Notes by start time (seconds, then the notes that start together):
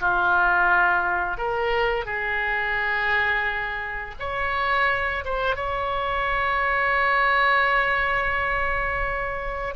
0.00 F4
1.38 A#4
2.05 G#4
4.20 C#5
5.25 C5
5.56 C#5